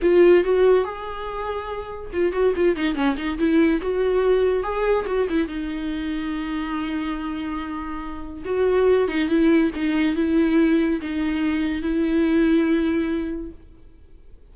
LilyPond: \new Staff \with { instrumentName = "viola" } { \time 4/4 \tempo 4 = 142 f'4 fis'4 gis'2~ | gis'4 f'8 fis'8 f'8 dis'8 cis'8 dis'8 | e'4 fis'2 gis'4 | fis'8 e'8 dis'2.~ |
dis'1 | fis'4. dis'8 e'4 dis'4 | e'2 dis'2 | e'1 | }